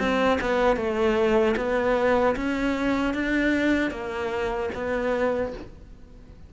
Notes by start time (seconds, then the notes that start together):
0.00 C4
0.41 B3
0.77 A3
1.57 B3
2.36 C#4
3.14 D4
3.91 A#3
4.75 B3